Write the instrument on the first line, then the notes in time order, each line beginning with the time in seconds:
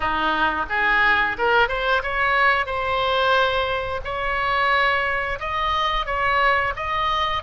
oboe
0.00 D#4
0.69 G#4
1.38 A#4
1.68 C5
2.03 C#5
2.66 C5
4.04 C#5
5.39 D#5
6.06 C#5
6.75 D#5